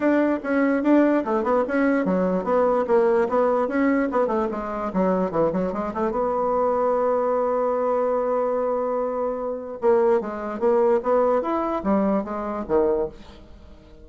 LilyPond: \new Staff \with { instrumentName = "bassoon" } { \time 4/4 \tempo 4 = 147 d'4 cis'4 d'4 a8 b8 | cis'4 fis4 b4 ais4 | b4 cis'4 b8 a8 gis4 | fis4 e8 fis8 gis8 a8 b4~ |
b1~ | b1 | ais4 gis4 ais4 b4 | e'4 g4 gis4 dis4 | }